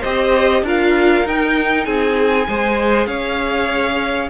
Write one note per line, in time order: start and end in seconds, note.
0.00 0.62 C4
0.00 0.65 G4
0.00 0.61 C5
0.00 0.64 D#5
0.62 1.23 D4
0.62 1.25 F4
0.62 1.86 A#4
0.68 1.28 F5
1.25 1.86 D#4
1.25 2.48 D#4
1.25 1.85 G5
1.85 2.47 C4
1.85 2.47 G#4
1.85 3.07 G#5
2.48 3.07 G#3
2.48 4.30 G#4
2.48 3.07 C5
3.07 4.29 C#4
3.07 4.30 C#5
3.07 4.29 F5